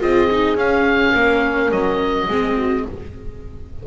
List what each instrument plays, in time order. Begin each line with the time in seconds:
0.00 double bass C4, viola F4, horn G#4, oboe D#5
0.32 viola D#4
0.56 double bass C#4, viola C#4, oboe F5
1.15 double bass A#3, horn A#4
1.71 double bass F#3, oboe D#5
2.29 double bass G#3, viola C4, horn G#4
2.57 horn F#4